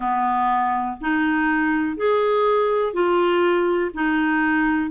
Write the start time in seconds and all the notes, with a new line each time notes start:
0.00 B3
1.00 D#4
1.97 G#4
2.92 F4
3.93 D#4